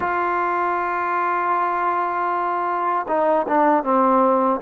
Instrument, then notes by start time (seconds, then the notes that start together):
trombone
0.00 F4
3.08 D#4
3.48 D4
3.83 C4